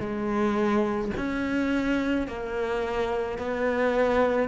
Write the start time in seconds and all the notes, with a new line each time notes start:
0.00 G#3
1.17 C#4
2.27 A#3
3.38 B3